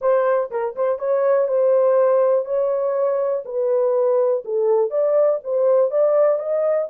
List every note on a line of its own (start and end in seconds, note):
0.01 0.50 C5
0.50 0.75 A#4
0.75 0.98 C5
0.98 1.48 C#5
1.48 2.45 C5
2.45 3.43 C#5
3.45 4.43 B4
4.44 4.90 A4
4.90 5.39 D5
5.43 5.90 C5
5.90 6.38 D5
6.38 6.88 D#5